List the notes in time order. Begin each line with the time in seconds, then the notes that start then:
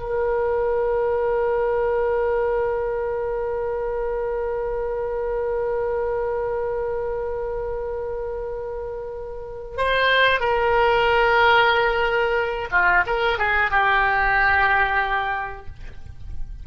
0.00 A#4
9.78 C5
10.41 A#4
12.72 F4
13.07 A#4
13.39 G#4
13.71 G4